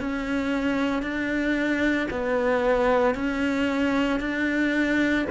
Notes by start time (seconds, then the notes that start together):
0.00 C#4
1.02 D4
2.11 B3
3.15 C#4
4.20 D4